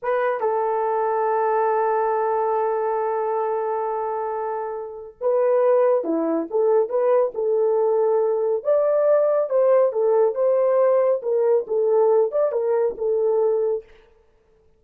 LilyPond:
\new Staff \with { instrumentName = "horn" } { \time 4/4 \tempo 4 = 139 b'4 a'2.~ | a'1~ | a'1 | b'2 e'4 a'4 |
b'4 a'2. | d''2 c''4 a'4 | c''2 ais'4 a'4~ | a'8 d''8 ais'4 a'2 | }